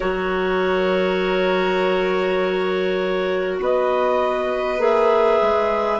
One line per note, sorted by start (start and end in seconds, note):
0.00 3.59 F#3
0.00 4.79 F#4
0.00 3.60 A#4
0.00 3.57 C#5
3.59 4.79 B3
3.59 5.99 B4
3.59 4.82 D#5
4.79 5.38 A#3
4.79 5.99 G#4
4.79 5.99 E5
5.42 5.99 G#3